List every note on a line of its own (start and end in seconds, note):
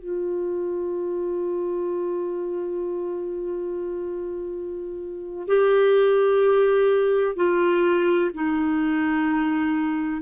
0.00 5.48 F4
5.48 7.36 G4
7.36 8.32 F4
8.34 10.23 D#4